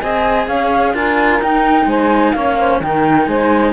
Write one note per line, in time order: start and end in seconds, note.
0.00 0.48 C4
0.00 0.95 G#4
0.00 0.47 D#5
0.00 0.47 G#5
0.47 0.94 C#4
0.47 0.94 C#5
0.47 0.95 F5
0.94 1.40 D4
0.94 1.42 F4
0.94 1.87 A#4
0.94 1.42 G#5
1.40 1.86 D#4
1.40 2.36 D#4
1.40 1.89 G5
1.86 2.33 G#3
1.86 2.34 C5
1.86 2.33 G#5
2.33 2.81 A#3
2.33 2.83 C#4
2.33 2.58 C#5
2.33 2.80 F5
2.60 2.82 C5
2.81 3.28 D#3
2.81 3.73 D#4
2.81 3.29 A#4
2.81 3.28 G5
3.28 3.73 G#3
3.28 3.73 C5
3.28 3.73 G#5